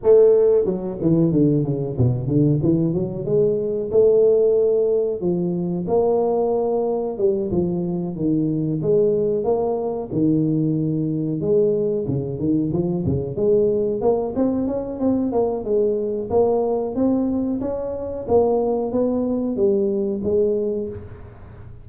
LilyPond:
\new Staff \with { instrumentName = "tuba" } { \time 4/4 \tempo 4 = 92 a4 fis8 e8 d8 cis8 b,8 d8 | e8 fis8 gis4 a2 | f4 ais2 g8 f8~ | f8 dis4 gis4 ais4 dis8~ |
dis4. gis4 cis8 dis8 f8 | cis8 gis4 ais8 c'8 cis'8 c'8 ais8 | gis4 ais4 c'4 cis'4 | ais4 b4 g4 gis4 | }